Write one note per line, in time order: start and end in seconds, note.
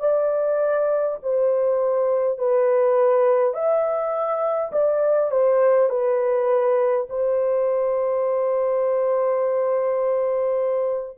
0.00 1.18 D5
1.23 2.39 C5
2.39 3.55 B4
3.55 4.72 E5
4.73 5.32 D5
5.32 5.90 C5
5.90 7.07 B4
7.10 11.18 C5